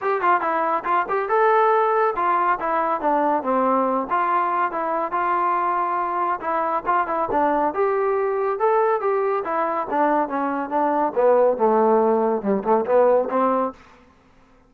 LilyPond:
\new Staff \with { instrumentName = "trombone" } { \time 4/4 \tempo 4 = 140 g'8 f'8 e'4 f'8 g'8 a'4~ | a'4 f'4 e'4 d'4 | c'4. f'4. e'4 | f'2. e'4 |
f'8 e'8 d'4 g'2 | a'4 g'4 e'4 d'4 | cis'4 d'4 b4 a4~ | a4 g8 a8 b4 c'4 | }